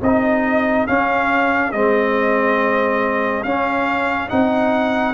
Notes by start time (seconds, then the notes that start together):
0.00 C4 D#4 G#4 D#5
0.87 C#4 F5
1.72 G#3 C4 D#5
3.43 C#4 F5
4.29 C4 D#4 F#5